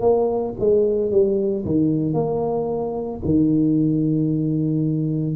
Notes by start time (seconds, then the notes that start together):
0.00 A#3
0.59 G#3
1.11 G3
1.65 D#3
2.13 A#3
3.25 D#3